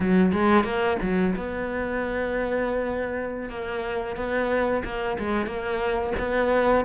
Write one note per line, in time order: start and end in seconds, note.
0.00 0.32 F#3
0.32 0.64 G#3
0.64 0.97 A#3
1.02 1.35 F#3
1.35 3.49 B3
3.49 4.16 A#3
4.16 4.83 B3
4.84 5.17 A#3
5.18 5.46 G#3
5.46 6.12 A#3
6.18 6.84 B3